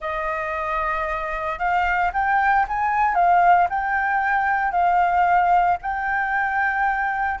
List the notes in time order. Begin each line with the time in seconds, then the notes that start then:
0.00 D#5
1.58 F5
2.13 G5
2.67 G#5
3.15 F5
3.69 G5
4.71 F5
5.82 G5